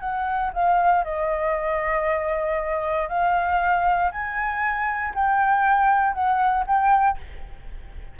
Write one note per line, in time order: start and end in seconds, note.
0.00 0.51 F#5
0.53 1.04 F5
1.04 3.09 D#5
3.09 4.11 F5
4.12 5.14 G#5
5.15 6.14 G5
6.14 6.65 F#5
6.67 7.18 G5